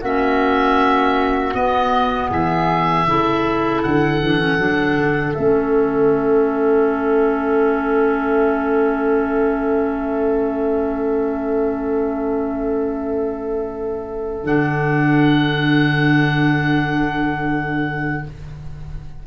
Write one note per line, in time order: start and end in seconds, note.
0.00 1.54 A#3
0.00 1.53 C#4
0.00 2.28 F#4
0.00 1.54 E5
1.53 3.05 B3
1.53 2.30 B3
1.53 2.30 D#5
2.29 3.06 E3
2.29 3.05 G#4
2.29 3.82 E5
3.06 3.82 C#3
3.06 4.21 E4
3.06 18.26 A4
3.82 4.21 D3
3.82 5.34 F#5
4.21 4.58 E3
4.21 4.38 D4
4.38 4.57 C#4
4.58 4.96 F#3
4.58 5.34 D4
4.96 5.34 D3
5.34 14.44 A3
5.34 14.44 C#4
5.34 14.45 E5
14.44 18.24 D3
14.44 18.23 D4
14.44 18.26 F#5